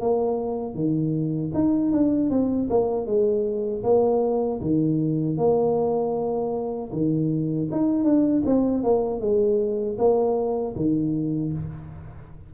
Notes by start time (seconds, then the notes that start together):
0.00 A#3
0.74 D#3
1.54 D#4
1.92 D4
2.30 C4
2.70 A#3
3.06 G#3
3.84 A#3
4.61 D#3
5.37 A#3
6.92 D#3
7.71 D#4
8.04 D4
8.46 C4
8.84 A#3
9.20 G#3
9.98 A#3
10.76 D#3